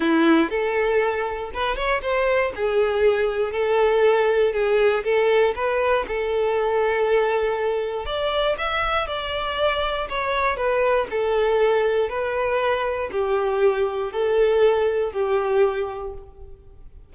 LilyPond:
\new Staff \with { instrumentName = "violin" } { \time 4/4 \tempo 4 = 119 e'4 a'2 b'8 cis''8 | c''4 gis'2 a'4~ | a'4 gis'4 a'4 b'4 | a'1 |
d''4 e''4 d''2 | cis''4 b'4 a'2 | b'2 g'2 | a'2 g'2 | }